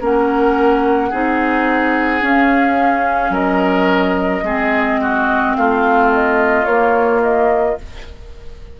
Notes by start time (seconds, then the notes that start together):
0.00 A#3 C#4 A#4 F#5
1.09 C4 D#4 G#4
2.21 C#4 F5
3.29 F#3 A#4 D#5
4.42 G#3 C4 G#4
5.01 F#4
5.55 A3 F4 F5
6.11 D#5
6.64 A#3 C#5
7.22 D#5